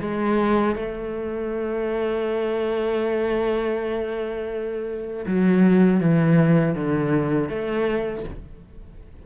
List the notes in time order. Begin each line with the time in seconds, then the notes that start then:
0.00 G#3
0.75 A3
5.26 F#3
6.00 E3
6.75 D3
7.49 A3